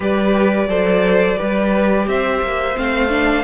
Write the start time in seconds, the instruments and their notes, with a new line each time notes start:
0.00 cello G3, viola G4, violin B4 D5
0.67 cello F#3, viola A4, violin C5
1.36 cello G3, viola G4, violin B4
2.07 cello C4, violin C5 E5
2.42 cello A#3
2.75 cello A3, viola C4, violin F5
3.09 viola D4